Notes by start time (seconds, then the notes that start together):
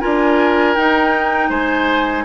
0.00 D4 F4 A#4 G#5
0.75 D#4 G5
1.49 G#3 C5 G#5